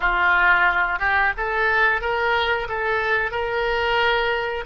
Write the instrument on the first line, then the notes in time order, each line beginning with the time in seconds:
oboe
0.00 F4
0.99 G4
1.37 A4
2.01 A#4
2.68 A4
3.31 A#4